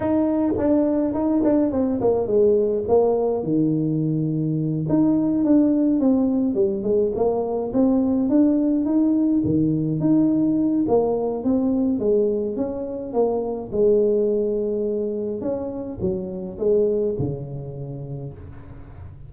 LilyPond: \new Staff \with { instrumentName = "tuba" } { \time 4/4 \tempo 4 = 105 dis'4 d'4 dis'8 d'8 c'8 ais8 | gis4 ais4 dis2~ | dis8 dis'4 d'4 c'4 g8 | gis8 ais4 c'4 d'4 dis'8~ |
dis'8 dis4 dis'4. ais4 | c'4 gis4 cis'4 ais4 | gis2. cis'4 | fis4 gis4 cis2 | }